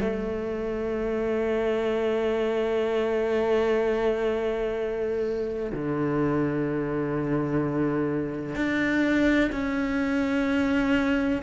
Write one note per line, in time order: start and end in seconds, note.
0.00 5.71 A3
5.72 8.55 D3
8.55 9.50 D4
9.52 11.42 C#4